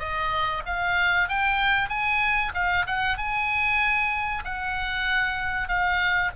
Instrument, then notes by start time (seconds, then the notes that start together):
oboe
0.00 D#5
0.66 F5
1.29 G5
1.90 G#5
2.55 F5
2.87 F#5
3.18 G#5
4.45 F#5
5.68 F5